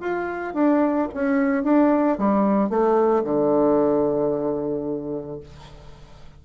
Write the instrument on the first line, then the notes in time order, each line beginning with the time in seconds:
bassoon
0.00 F4
0.54 D4
1.14 C#4
1.64 D4
2.18 G3
2.70 A3
3.24 D3